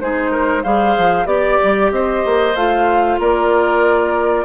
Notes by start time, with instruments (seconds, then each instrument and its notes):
0.00 bassoon G#3, clarinet D#4, oboe G#4, flute C5
0.31 oboe A#4
0.63 bassoon G3, clarinet G#4, oboe C5, flute F5
0.97 bassoon F3
1.25 bassoon B3, clarinet G4, flute D5, oboe D5
1.64 bassoon G3
1.91 bassoon C4, oboe C5, flute D#5
2.25 bassoon A#3
2.55 bassoon A3, clarinet F4, flute F5
3.19 bassoon A#3, oboe A#4, flute D5